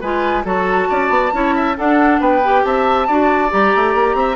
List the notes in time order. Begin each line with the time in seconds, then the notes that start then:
0.00 G#3 F4 B4 G#5
0.44 F#3 F#4 A4 A5
0.89 C#4 D5
1.09 B3
1.32 C#4 E4 C#5
1.54 E5
1.76 D4 A4 F#5
2.19 B3 B4 G5
2.43 G4
2.64 C4 E5 A5
3.07 D4 F#4 D5
3.49 G3 G4 A#5
3.75 A3
3.94 A#3
4.14 C4 E5